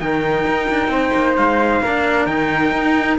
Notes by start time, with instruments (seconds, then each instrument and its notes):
0.00 cello D#3 D#4, flute A#4, trumpet G5
0.47 cello D#4
0.70 cello D4
0.88 cello C4, flute C5
1.14 cello A#3
1.37 cello G#3, trumpet F5
1.81 cello A#3 D4, flute A#4
2.27 cello D#3 D#4, trumpet G5
2.72 cello D#4